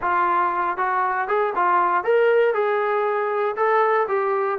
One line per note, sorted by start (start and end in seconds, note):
0.01 0.77 F4
0.77 1.28 F#4
1.28 1.53 G#4
1.55 2.03 F4
2.03 2.54 A#4
2.54 3.55 G#4
3.56 4.07 A4
4.08 4.59 G4